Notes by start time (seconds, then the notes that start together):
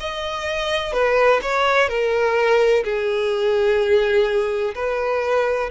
0.00 D#5
0.92 B4
1.42 C#5
1.88 A#4
2.84 G#4
4.74 B4